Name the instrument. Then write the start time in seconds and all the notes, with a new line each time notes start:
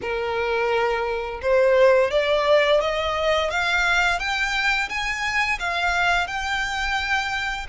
violin
0.01 A#4
1.41 C5
2.11 D5
2.81 D#5
3.50 F5
4.19 G5
4.89 G#5
5.59 F5
6.27 G5